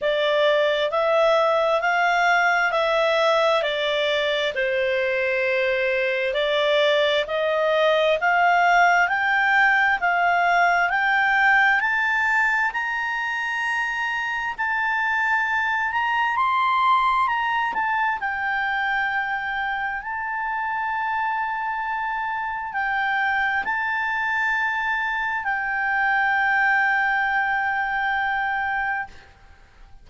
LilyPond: \new Staff \with { instrumentName = "clarinet" } { \time 4/4 \tempo 4 = 66 d''4 e''4 f''4 e''4 | d''4 c''2 d''4 | dis''4 f''4 g''4 f''4 | g''4 a''4 ais''2 |
a''4. ais''8 c'''4 ais''8 a''8 | g''2 a''2~ | a''4 g''4 a''2 | g''1 | }